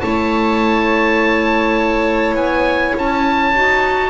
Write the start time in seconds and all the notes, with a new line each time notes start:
0.00 A3 E4 C#5 A5
2.35 B3 G#5
2.95 C#4 A5
3.54 D#4 F#4